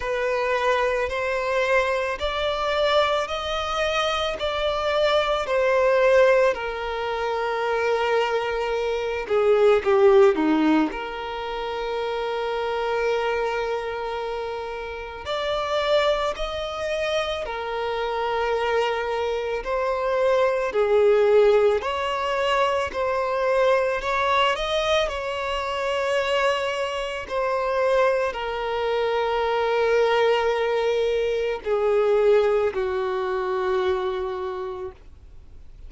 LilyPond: \new Staff \with { instrumentName = "violin" } { \time 4/4 \tempo 4 = 55 b'4 c''4 d''4 dis''4 | d''4 c''4 ais'2~ | ais'8 gis'8 g'8 dis'8 ais'2~ | ais'2 d''4 dis''4 |
ais'2 c''4 gis'4 | cis''4 c''4 cis''8 dis''8 cis''4~ | cis''4 c''4 ais'2~ | ais'4 gis'4 fis'2 | }